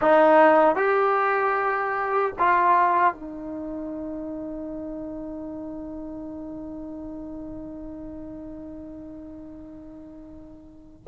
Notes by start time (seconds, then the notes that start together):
0.01 D#4
0.75 G4
2.39 F4
3.14 D#4